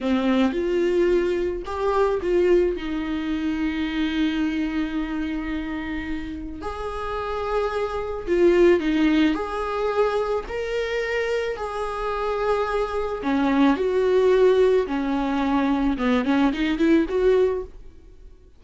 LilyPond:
\new Staff \with { instrumentName = "viola" } { \time 4/4 \tempo 4 = 109 c'4 f'2 g'4 | f'4 dis'2.~ | dis'1 | gis'2. f'4 |
dis'4 gis'2 ais'4~ | ais'4 gis'2. | cis'4 fis'2 cis'4~ | cis'4 b8 cis'8 dis'8 e'8 fis'4 | }